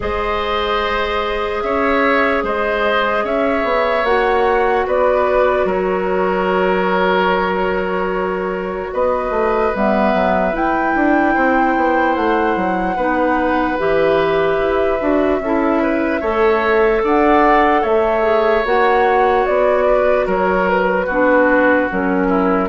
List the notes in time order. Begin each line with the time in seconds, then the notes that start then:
0.00 G#3 G#4 C5 D#5
1.61 C#4 C#5 E5
2.43 G#3 C5 D#5
3.23 C#4 C#5 E5
3.63 B3
4.03 A#3 F#4 F#5
4.86 B3 B4 D5
5.65 F#3 A#4 C#5
8.93 B3 B4 D#5
9.30 A3
9.74 G3 B3 E5
10.14 F#3
10.52 E4 G5
10.95 D4
11.34 C4 C5
11.76 B3
12.15 A3 F#5
12.56 F#3
12.96 B3 D#4 B4
13.78 E3 G4 E5
14.58 E4
15.00 D4 F#4
15.39 C#4 E4 A4
15.82 B4
16.20 A3 A4 C#5
17.03 D4 D5 F#5
17.81 A3 C#5 E5
18.21 G#4
18.65 A#3 F#4 F#5
19.45 B3 D5
19.86 B4
20.26 F#3 A#4 C#5
20.69 B4
21.06 B3 D4 F#4
21.90 F#3 C#4 A#4
22.28 E4